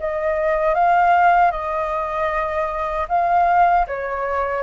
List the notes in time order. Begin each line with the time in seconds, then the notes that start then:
0.00 D#5
0.75 F5
1.52 D#5
3.09 F5
3.88 C#5